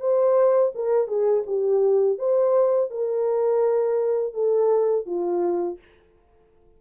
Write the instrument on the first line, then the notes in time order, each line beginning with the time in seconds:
horn
0.00 C5
0.75 A#4
1.07 G#4
1.46 G4
2.18 C5
2.90 A#4
4.34 A4
5.06 F4